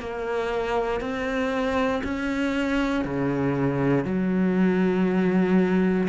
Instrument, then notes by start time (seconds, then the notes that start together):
cello
0.00 A#3
1.01 C4
2.04 C#4
3.04 C#3
4.04 F#3